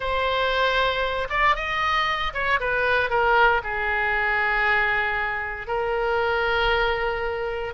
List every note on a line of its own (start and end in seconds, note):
0.00 1.27 C5
1.29 1.55 D5
1.55 2.33 D#5
2.33 2.59 C#5
2.60 3.09 B4
3.09 3.61 A#4
3.63 5.67 G#4
5.67 7.74 A#4